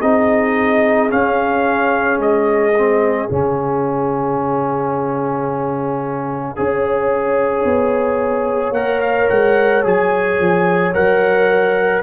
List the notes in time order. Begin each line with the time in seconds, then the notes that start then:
0.00 C4 D#4 G#4 D#5
1.09 C#4 F5
2.18 G#3 D#5
2.77 C4
3.28 C#3 C#4 F5
6.56 C#4 G#4 C#5
7.64 B3
8.70 A#3 A#4 F#5
9.01 F5
9.29 G#3 F#5
9.82 F#3 G#4 G#5
10.39 F3
10.93 F#3 A#4 F#5